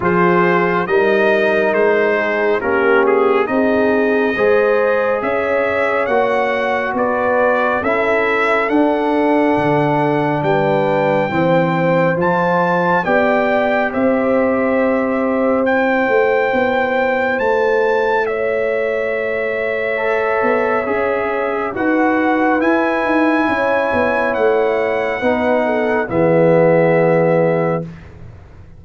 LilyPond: <<
  \new Staff \with { instrumentName = "trumpet" } { \time 4/4 \tempo 4 = 69 c''4 dis''4 c''4 ais'8 gis'8 | dis''2 e''4 fis''4 | d''4 e''4 fis''2 | g''2 a''4 g''4 |
e''2 g''2 | a''4 e''2.~ | e''4 fis''4 gis''2 | fis''2 e''2 | }
  \new Staff \with { instrumentName = "horn" } { \time 4/4 gis'4 ais'4. gis'8 g'4 | gis'4 c''4 cis''2 | b'4 a'2. | b'4 c''2 d''4 |
c''1~ | c''4 cis''2.~ | cis''4 b'2 cis''4~ | cis''4 b'8 a'8 gis'2 | }
  \new Staff \with { instrumentName = "trombone" } { \time 4/4 f'4 dis'2 cis'4 | dis'4 gis'2 fis'4~ | fis'4 e'4 d'2~ | d'4 c'4 f'4 g'4~ |
g'2 e'2~ | e'2. a'4 | gis'4 fis'4 e'2~ | e'4 dis'4 b2 | }
  \new Staff \with { instrumentName = "tuba" } { \time 4/4 f4 g4 gis4 ais4 | c'4 gis4 cis'4 ais4 | b4 cis'4 d'4 d4 | g4 e4 f4 b4 |
c'2~ c'8 a8 b4 | a2.~ a8 b8 | cis'4 dis'4 e'8 dis'8 cis'8 b8 | a4 b4 e2 | }
>>